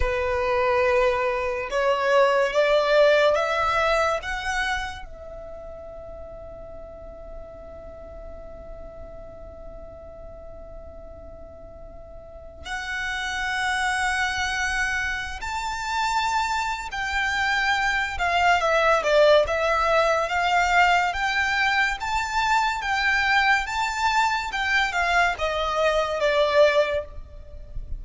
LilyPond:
\new Staff \with { instrumentName = "violin" } { \time 4/4 \tempo 4 = 71 b'2 cis''4 d''4 | e''4 fis''4 e''2~ | e''1~ | e''2. fis''4~ |
fis''2~ fis''16 a''4.~ a''16 | g''4. f''8 e''8 d''8 e''4 | f''4 g''4 a''4 g''4 | a''4 g''8 f''8 dis''4 d''4 | }